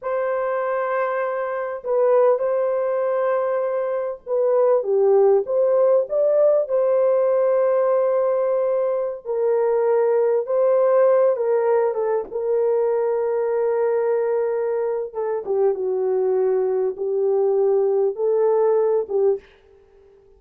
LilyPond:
\new Staff \with { instrumentName = "horn" } { \time 4/4 \tempo 4 = 99 c''2. b'4 | c''2. b'4 | g'4 c''4 d''4 c''4~ | c''2.~ c''16 ais'8.~ |
ais'4~ ais'16 c''4. ais'4 a'16~ | a'16 ais'2.~ ais'8.~ | ais'4 a'8 g'8 fis'2 | g'2 a'4. g'8 | }